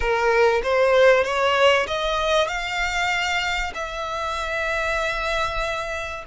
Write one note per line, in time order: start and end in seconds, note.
0.00 0.61 A#4
0.63 1.23 C5
1.23 1.86 C#5
1.87 2.47 D#5
2.47 3.72 F5
3.74 6.24 E5